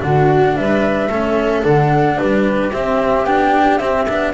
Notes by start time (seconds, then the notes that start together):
0.00 D3 D4 F#4 F#5
0.56 G3 B4 E5
1.08 A3 C#4 A4
1.63 D3 D4 F#5
2.17 G3 G4 B4
2.72 C4 E5
3.23 B3 D4 G5
3.78 C4 E5
4.08 B3 D4